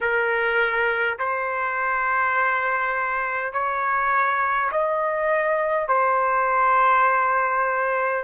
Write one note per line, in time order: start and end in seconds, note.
0.01 1.18 A#4
1.18 3.52 C5
3.52 4.70 C#5
4.71 5.88 D#5
5.88 8.23 C5